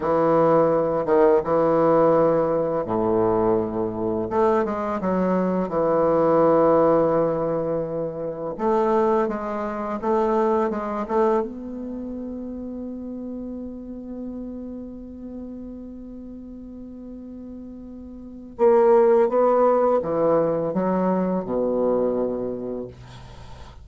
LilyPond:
\new Staff \with { instrumentName = "bassoon" } { \time 4/4 \tempo 4 = 84 e4. dis8 e2 | a,2 a8 gis8 fis4 | e1 | a4 gis4 a4 gis8 a8 |
b1~ | b1~ | b2 ais4 b4 | e4 fis4 b,2 | }